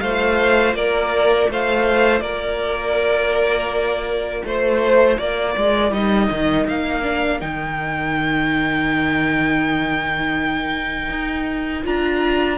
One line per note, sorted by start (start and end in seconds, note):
0.00 0.74 A3
0.00 5.93 F4
0.00 0.77 C5
0.00 0.74 F5
0.74 1.48 A#3
0.74 1.51 A#4
0.74 1.50 D5
1.49 2.21 A3
1.49 2.23 C5
1.49 2.21 F5
2.21 4.43 A#3
2.21 4.45 A#4
2.21 4.43 D5
4.45 5.19 A3
4.45 5.19 C5
5.19 5.56 A#3
5.19 12.58 A#4
5.19 5.93 D5
5.57 5.92 G#3
5.92 6.29 G3
5.92 7.03 D#4
5.92 6.67 D#5
6.31 6.68 D#3
6.67 7.42 A#3
6.67 7.41 F5
7.03 7.40 D4
7.41 11.10 D#3
7.41 11.83 D#4
7.41 11.85 G5
11.10 11.84 D#4
11.83 12.58 D4
11.83 12.57 F4
11.83 12.58 A#5